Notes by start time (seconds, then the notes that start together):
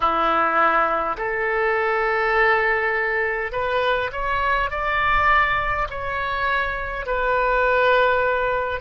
0.00 E4
1.17 A4
3.52 B4
4.12 C#5
4.70 D5
5.89 C#5
7.06 B4